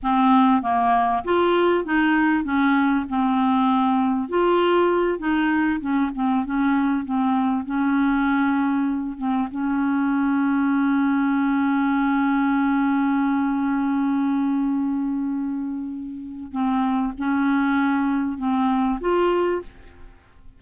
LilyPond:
\new Staff \with { instrumentName = "clarinet" } { \time 4/4 \tempo 4 = 98 c'4 ais4 f'4 dis'4 | cis'4 c'2 f'4~ | f'8 dis'4 cis'8 c'8 cis'4 c'8~ | c'8 cis'2~ cis'8 c'8 cis'8~ |
cis'1~ | cis'1~ | cis'2. c'4 | cis'2 c'4 f'4 | }